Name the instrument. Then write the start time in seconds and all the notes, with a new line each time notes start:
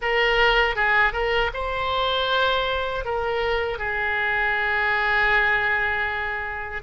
oboe
0.01 A#4
0.75 G#4
1.13 A#4
1.53 C5
3.04 A#4
3.78 G#4